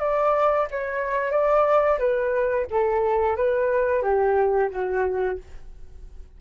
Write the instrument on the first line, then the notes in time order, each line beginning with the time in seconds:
flute
0.00 D5
0.71 C#5
1.31 D5
1.99 B4
2.71 A4
3.37 B4
4.03 G4
4.71 F#4